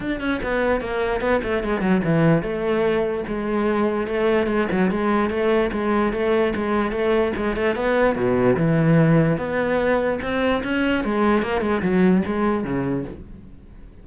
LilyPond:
\new Staff \with { instrumentName = "cello" } { \time 4/4 \tempo 4 = 147 d'8 cis'8 b4 ais4 b8 a8 | gis8 fis8 e4 a2 | gis2 a4 gis8 fis8 | gis4 a4 gis4 a4 |
gis4 a4 gis8 a8 b4 | b,4 e2 b4~ | b4 c'4 cis'4 gis4 | ais8 gis8 fis4 gis4 cis4 | }